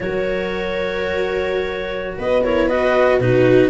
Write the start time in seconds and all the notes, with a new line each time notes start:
0.00 F#3 F#4 A#4 C#5
2.18 B3 B4 D#5
2.43 E4 A#4 C#5
2.67 F#4 B4 D#5
3.19 B2 D#4 F#4 B4